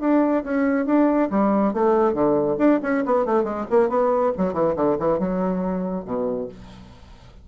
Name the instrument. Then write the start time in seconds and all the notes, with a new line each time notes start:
bassoon
0.00 D4
0.44 C#4
0.86 D4
1.30 G3
1.73 A3
2.13 D3
2.58 D4
2.83 C#4
3.05 B3
3.25 A3
3.43 G#3
3.70 A#3
3.89 B3
4.37 F#3
4.53 E3
4.76 D3
4.99 E3
5.19 F#3
6.05 B2